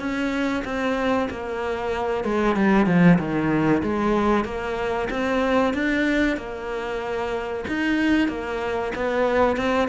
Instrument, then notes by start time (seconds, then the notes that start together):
cello
0.00 C#4
0.65 C4
1.31 A#3
2.25 G#3
2.56 G3
2.87 F3
3.19 D#3
3.83 G#3
4.45 A#3
5.11 C4
5.74 D4
6.37 A#3
7.69 D#4
8.29 A#3
8.96 B3
9.57 C4